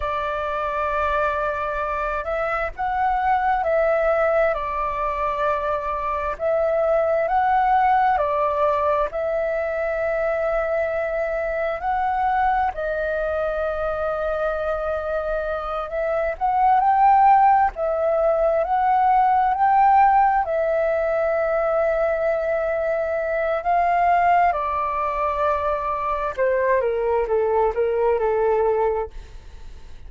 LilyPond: \new Staff \with { instrumentName = "flute" } { \time 4/4 \tempo 4 = 66 d''2~ d''8 e''8 fis''4 | e''4 d''2 e''4 | fis''4 d''4 e''2~ | e''4 fis''4 dis''2~ |
dis''4. e''8 fis''8 g''4 e''8~ | e''8 fis''4 g''4 e''4.~ | e''2 f''4 d''4~ | d''4 c''8 ais'8 a'8 ais'8 a'4 | }